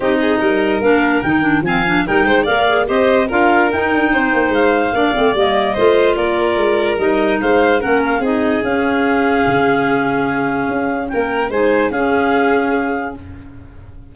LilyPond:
<<
  \new Staff \with { instrumentName = "clarinet" } { \time 4/4 \tempo 4 = 146 dis''2 f''4 g''4 | gis''4 g''4 f''4 dis''4 | f''4 g''2 f''4~ | f''4 dis''2 d''4~ |
d''4 dis''4 f''4 fis''8 f''8 | dis''4 f''2.~ | f''2. g''4 | gis''4 f''2. | }
  \new Staff \with { instrumentName = "violin" } { \time 4/4 g'8 gis'8 ais'2. | f''4 ais'8 c''8 d''4 c''4 | ais'2 c''2 | d''2 c''4 ais'4~ |
ais'2 c''4 ais'4 | gis'1~ | gis'2. ais'4 | c''4 gis'2. | }
  \new Staff \with { instrumentName = "clarinet" } { \time 4/4 dis'2 d'4 dis'8 d'8 | c'8 d'8 dis'4 ais'8 gis'8 g'4 | f'4 dis'2. | d'8 c'8 ais4 f'2~ |
f'4 dis'2 cis'4 | dis'4 cis'2.~ | cis'1 | dis'4 cis'2. | }
  \new Staff \with { instrumentName = "tuba" } { \time 4/4 c'4 g4 ais4 dis4 | f4 g8 gis8 ais4 c'4 | d'4 dis'8 d'8 c'8 ais8 gis4 | ais8 a8 g4 a4 ais4 |
gis4 g4 gis4 ais4 | c'4 cis'2 cis4~ | cis2 cis'4 ais4 | gis4 cis'2. | }
>>